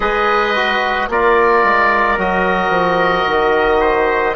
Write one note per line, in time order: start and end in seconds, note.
0.00 1.08 G#3
0.00 0.54 G#4
0.00 1.10 B4
0.00 1.08 D#5
0.55 1.10 F#4
1.09 1.63 A#3
1.09 2.18 F4
1.09 3.80 A#4
1.09 2.19 D5
1.63 2.18 G#3
2.18 2.69 F#3
2.18 4.35 F#4
2.18 4.35 D#5
2.69 3.23 F3
3.27 4.35 D#3
3.80 4.34 C5